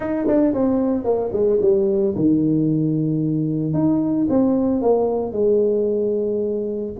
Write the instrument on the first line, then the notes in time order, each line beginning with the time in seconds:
tuba
0.00 D#4
0.27 D4
0.53 C4
1.04 A#3
1.32 G#3
1.61 G3
2.15 D#3
3.73 D#4
4.29 C4
4.81 A#3
5.32 G#3